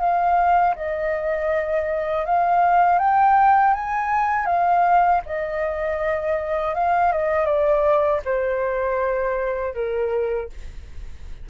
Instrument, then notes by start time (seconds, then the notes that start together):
flute
0.00 F5
0.76 D#5
2.26 F5
2.99 G5
3.74 G#5
4.46 F5
5.26 D#5
6.75 F5
7.12 D#5
7.46 D5
8.25 C5
9.75 A#4